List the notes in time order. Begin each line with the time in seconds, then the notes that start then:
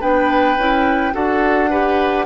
0.00 B3 D4 B4 G5
0.57 C#4 E4
1.12 D4 F#4 A4 F#5
1.70 G4 B4